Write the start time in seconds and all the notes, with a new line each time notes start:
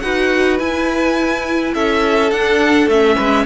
0.00 D#4 F#4 B4 F#5
0.59 E4 G#5
1.74 C#4 A4 E5
2.31 D4 F#5
2.87 A3 C#4 E5
3.15 G#3 B4